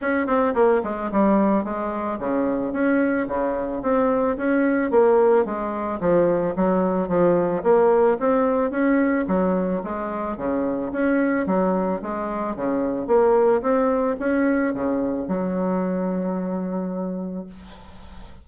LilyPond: \new Staff \with { instrumentName = "bassoon" } { \time 4/4 \tempo 4 = 110 cis'8 c'8 ais8 gis8 g4 gis4 | cis4 cis'4 cis4 c'4 | cis'4 ais4 gis4 f4 | fis4 f4 ais4 c'4 |
cis'4 fis4 gis4 cis4 | cis'4 fis4 gis4 cis4 | ais4 c'4 cis'4 cis4 | fis1 | }